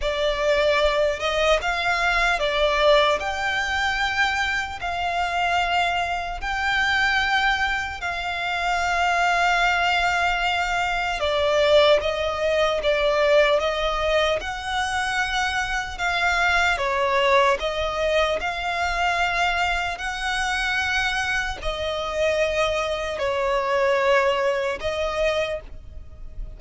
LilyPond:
\new Staff \with { instrumentName = "violin" } { \time 4/4 \tempo 4 = 75 d''4. dis''8 f''4 d''4 | g''2 f''2 | g''2 f''2~ | f''2 d''4 dis''4 |
d''4 dis''4 fis''2 | f''4 cis''4 dis''4 f''4~ | f''4 fis''2 dis''4~ | dis''4 cis''2 dis''4 | }